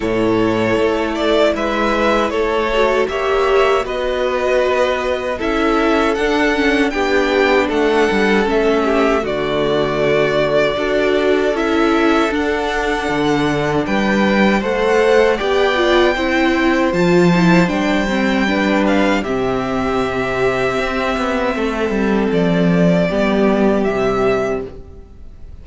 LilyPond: <<
  \new Staff \with { instrumentName = "violin" } { \time 4/4 \tempo 4 = 78 cis''4. d''8 e''4 cis''4 | e''4 dis''2 e''4 | fis''4 g''4 fis''4 e''4 | d''2. e''4 |
fis''2 g''4 fis''4 | g''2 a''4 g''4~ | g''8 f''8 e''2.~ | e''4 d''2 e''4 | }
  \new Staff \with { instrumentName = "violin" } { \time 4/4 a'2 b'4 a'4 | cis''4 b'2 a'4~ | a'4 g'4 a'4. g'8 | fis'2 a'2~ |
a'2 b'4 c''4 | d''4 c''2. | b'4 g'2. | a'2 g'2 | }
  \new Staff \with { instrumentName = "viola" } { \time 4/4 e'2.~ e'8 fis'8 | g'4 fis'2 e'4 | d'8 cis'8 d'2 cis'4 | a2 fis'4 e'4 |
d'2. a'4 | g'8 f'8 e'4 f'8 e'8 d'8 c'8 | d'4 c'2.~ | c'2 b4 g4 | }
  \new Staff \with { instrumentName = "cello" } { \time 4/4 a,4 a4 gis4 a4 | ais4 b2 cis'4 | d'4 b4 a8 g8 a4 | d2 d'4 cis'4 |
d'4 d4 g4 a4 | b4 c'4 f4 g4~ | g4 c2 c'8 b8 | a8 g8 f4 g4 c4 | }
>>